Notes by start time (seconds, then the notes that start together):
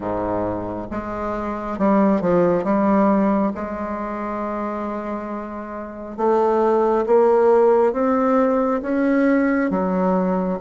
0.00 G#2
0.91 G#3
1.78 G3
2.21 F3
2.64 G3
3.55 G#3
6.17 A3
7.06 A#3
7.93 C4
8.82 C#4
9.70 F#3